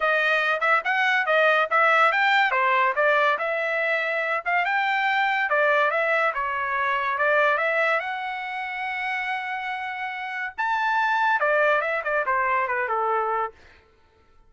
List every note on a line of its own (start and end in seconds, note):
0.00 0.60 D#5
0.60 0.81 E5
0.84 1.26 F#5
1.26 1.68 D#5
1.70 2.11 E5
2.11 2.51 G5
2.51 2.93 C5
2.95 3.38 D5
3.38 4.44 E5
4.45 4.65 F5
4.65 5.49 G5
5.49 5.90 D5
5.90 6.32 E5
6.34 7.18 C#5
7.18 7.57 D5
7.57 8.00 E5
8.00 10.53 F#5
10.57 11.40 A5
11.40 11.81 D5
11.81 12.02 E5
12.03 12.25 D5
12.26 12.67 C5
12.67 12.88 B4
12.88 13.51 A4